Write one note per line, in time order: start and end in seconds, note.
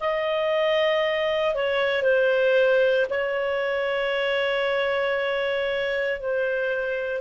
0.00 1.55 D#5
1.55 2.03 C#5
2.03 3.06 C5
3.10 6.20 C#5
6.20 7.21 C5